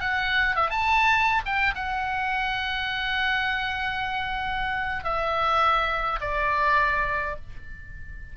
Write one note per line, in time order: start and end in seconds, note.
0.00 0.56 F#5
0.56 0.70 E5
0.70 1.42 A5
1.46 1.75 G5
1.75 5.04 F#5
5.04 6.20 E5
6.21 7.36 D5